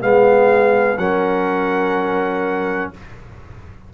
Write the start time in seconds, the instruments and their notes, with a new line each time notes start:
0.00 tuba G#3, trombone B3, horn G#4, trumpet F5
0.97 tuba F#3, trombone C#4, horn A#4, trumpet F#5